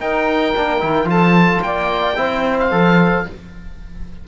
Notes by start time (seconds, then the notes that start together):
0.00 D#4 A#4 G5
0.57 A#3 D4
0.80 D#3 E4
1.05 F3 F4 A4 A5
1.63 A#3 D5 G5
2.16 C4 E4 C5
2.60 F5
2.71 F3 A4